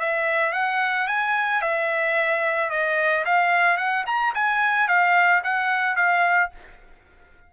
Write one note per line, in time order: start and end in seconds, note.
0.00 0.53 E5
0.53 1.08 F#5
1.08 1.62 G#5
1.62 2.70 E5
2.70 3.25 D#5
3.26 3.78 F5
3.78 4.05 F#5
4.07 4.34 A#5
4.35 4.88 G#5
4.88 5.43 F5
5.44 5.96 F#5
5.96 6.51 F5